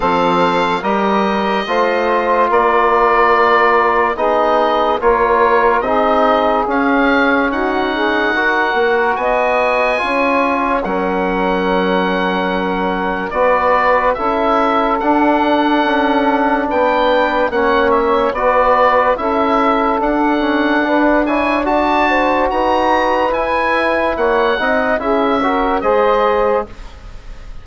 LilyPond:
<<
  \new Staff \with { instrumentName = "oboe" } { \time 4/4 \tempo 4 = 72 f''4 dis''2 d''4~ | d''4 dis''4 cis''4 dis''4 | f''4 fis''2 gis''4~ | gis''4 fis''2. |
d''4 e''4 fis''2 | g''4 fis''8 e''8 d''4 e''4 | fis''4. gis''8 a''4 ais''4 | gis''4 fis''4 e''4 dis''4 | }
  \new Staff \with { instrumentName = "saxophone" } { \time 4/4 a'4 ais'4 c''4 ais'4~ | ais'4 gis'4 ais'4 gis'4~ | gis'4 fis'8 gis'8 ais'4 dis''4 | cis''4 ais'2. |
b'4 a'2. | b'4 cis''4 b'4 a'4~ | a'4 b'8 cis''8 d''8 c''8 b'4~ | b'4 cis''8 dis''8 gis'8 ais'8 c''4 | }
  \new Staff \with { instrumentName = "trombone" } { \time 4/4 c'4 g'4 f'2~ | f'4 dis'4 f'4 dis'4 | cis'2 fis'2 | f'4 cis'2. |
fis'4 e'4 d'2~ | d'4 cis'4 fis'4 e'4 | d'8 cis'8 d'8 e'8 fis'2 | e'4. dis'8 e'8 fis'8 gis'4 | }
  \new Staff \with { instrumentName = "bassoon" } { \time 4/4 f4 g4 a4 ais4~ | ais4 b4 ais4 c'4 | cis'4 dis'4. ais8 b4 | cis'4 fis2. |
b4 cis'4 d'4 cis'4 | b4 ais4 b4 cis'4 | d'2. dis'4 | e'4 ais8 c'8 cis'4 gis4 | }
>>